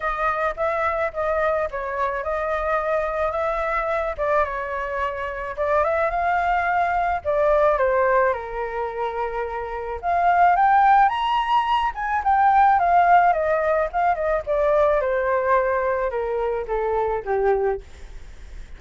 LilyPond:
\new Staff \with { instrumentName = "flute" } { \time 4/4 \tempo 4 = 108 dis''4 e''4 dis''4 cis''4 | dis''2 e''4. d''8 | cis''2 d''8 e''8 f''4~ | f''4 d''4 c''4 ais'4~ |
ais'2 f''4 g''4 | ais''4. gis''8 g''4 f''4 | dis''4 f''8 dis''8 d''4 c''4~ | c''4 ais'4 a'4 g'4 | }